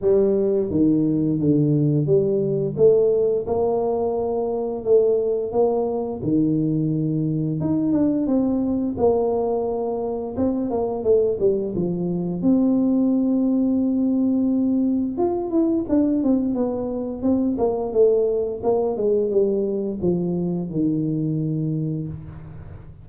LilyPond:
\new Staff \with { instrumentName = "tuba" } { \time 4/4 \tempo 4 = 87 g4 dis4 d4 g4 | a4 ais2 a4 | ais4 dis2 dis'8 d'8 | c'4 ais2 c'8 ais8 |
a8 g8 f4 c'2~ | c'2 f'8 e'8 d'8 c'8 | b4 c'8 ais8 a4 ais8 gis8 | g4 f4 dis2 | }